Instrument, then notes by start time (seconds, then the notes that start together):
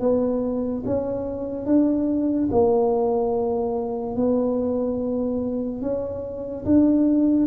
tuba
0.00 B3
0.86 C#4
1.66 D4
2.52 A#3
4.16 B3
5.81 C#4
6.65 D4